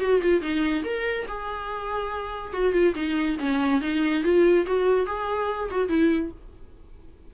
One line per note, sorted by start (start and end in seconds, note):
0.00 0.21 F#4
0.22 0.41 F4
0.41 0.84 D#4
0.84 1.26 A#4
1.28 2.53 G#4
2.53 2.73 F#4
2.73 2.94 F4
2.95 3.37 D#4
3.39 3.81 C#4
3.81 4.23 D#4
4.24 4.66 F4
4.66 5.06 F#4
5.06 5.69 G#4
5.71 5.89 F#4
5.89 6.31 E4